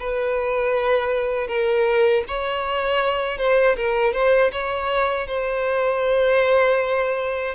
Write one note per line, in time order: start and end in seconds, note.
0.00 1.48 B4
1.48 2.24 A#4
2.28 3.38 C#5
3.38 3.76 C5
3.77 4.14 A#4
4.14 4.52 C5
4.52 5.28 C#5
5.28 7.55 C5